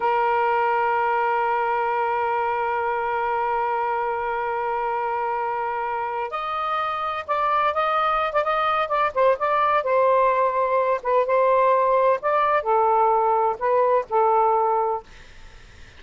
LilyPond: \new Staff \with { instrumentName = "saxophone" } { \time 4/4 \tempo 4 = 128 ais'1~ | ais'1~ | ais'1~ | ais'4. dis''2 d''8~ |
d''8 dis''4~ dis''16 d''16 dis''4 d''8 c''8 | d''4 c''2~ c''8 b'8 | c''2 d''4 a'4~ | a'4 b'4 a'2 | }